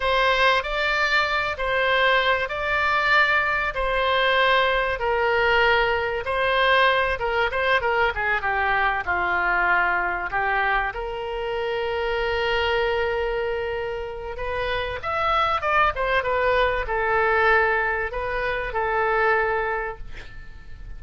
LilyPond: \new Staff \with { instrumentName = "oboe" } { \time 4/4 \tempo 4 = 96 c''4 d''4. c''4. | d''2 c''2 | ais'2 c''4. ais'8 | c''8 ais'8 gis'8 g'4 f'4.~ |
f'8 g'4 ais'2~ ais'8~ | ais'2. b'4 | e''4 d''8 c''8 b'4 a'4~ | a'4 b'4 a'2 | }